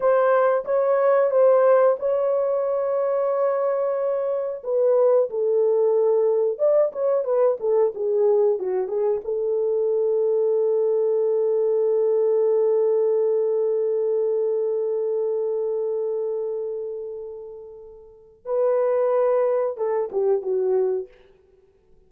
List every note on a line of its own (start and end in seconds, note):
0.00 0.64 C5
0.64 1.30 C#5
1.30 1.96 C5
1.99 4.62 C#5
4.63 5.29 B4
5.30 6.58 A4
6.58 6.91 D5
6.92 7.24 C#5
7.24 7.57 B4
7.60 7.93 A4
7.94 8.59 G#4
8.59 8.87 F#4
8.87 9.20 G#4
9.24 18.45 A4
18.45 19.77 B4
19.77 20.10 A4
20.12 20.42 G4
20.42 21.07 F#4